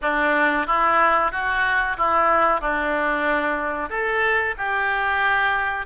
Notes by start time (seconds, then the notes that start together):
0.01 D4
0.66 E4
1.31 F#4
1.97 E4
2.60 D4
3.89 A4
4.57 G4